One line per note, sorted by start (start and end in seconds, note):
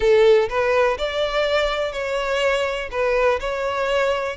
0.00 0.48 A4
0.49 0.97 B4
0.98 1.92 D5
1.92 2.89 C#5
2.91 3.39 B4
3.40 4.36 C#5